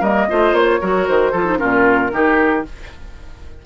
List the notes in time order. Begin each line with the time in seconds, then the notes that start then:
0.00 G3 A#3 A#4 D#5
0.29 A3 F4 C5
0.53 A#3 C#5
0.80 F#3 F#4 A#4
1.08 D#3 C5
1.32 F3 F4 A4
1.45 D#4
1.58 A#2 C#4 F4 A#4
2.12 D#3 D#4 G4